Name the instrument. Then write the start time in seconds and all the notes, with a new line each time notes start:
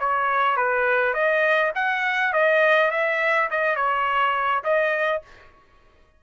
trumpet
0.00 C#5
0.57 B4
1.14 D#5
1.75 F#5
2.33 D#5
2.92 E5
3.51 D#5
3.76 C#5
4.64 D#5